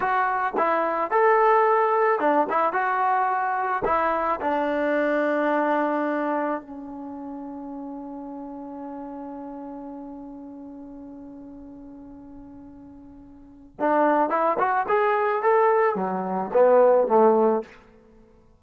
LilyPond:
\new Staff \with { instrumentName = "trombone" } { \time 4/4 \tempo 4 = 109 fis'4 e'4 a'2 | d'8 e'8 fis'2 e'4 | d'1 | cis'1~ |
cis'1~ | cis'1~ | cis'4 d'4 e'8 fis'8 gis'4 | a'4 fis4 b4 a4 | }